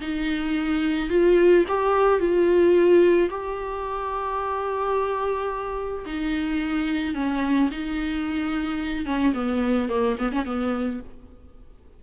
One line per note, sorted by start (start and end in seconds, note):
0.00 1.09 D#4
1.09 1.64 F4
1.68 2.19 G4
2.19 3.29 F4
3.29 6.05 G4
6.05 7.14 D#4
7.14 7.69 C#4
7.70 9.06 D#4
9.06 9.33 C#4
9.34 9.88 B3
9.88 10.16 A#3
10.18 10.32 B3
10.32 10.45 C#4
10.45 11.00 B3